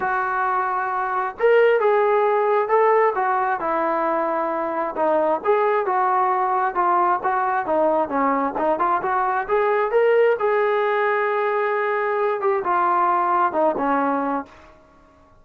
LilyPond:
\new Staff \with { instrumentName = "trombone" } { \time 4/4 \tempo 4 = 133 fis'2. ais'4 | gis'2 a'4 fis'4 | e'2. dis'4 | gis'4 fis'2 f'4 |
fis'4 dis'4 cis'4 dis'8 f'8 | fis'4 gis'4 ais'4 gis'4~ | gis'2.~ gis'8 g'8 | f'2 dis'8 cis'4. | }